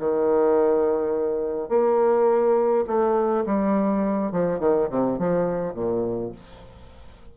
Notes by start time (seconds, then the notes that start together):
0.00 D#3
1.70 A#3
2.88 A3
3.46 G3
4.32 F3
4.60 D#3
4.90 C3
5.19 F3
5.75 A#2